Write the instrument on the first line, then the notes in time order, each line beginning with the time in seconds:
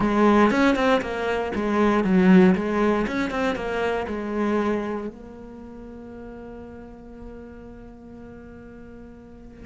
cello
0.00 G#3
0.50 C#4
0.75 C4
1.01 A#3
1.55 G#3
2.03 F#3
2.55 G#3
3.07 C#4
3.30 C4
3.55 A#3
4.07 G#3
5.08 A#3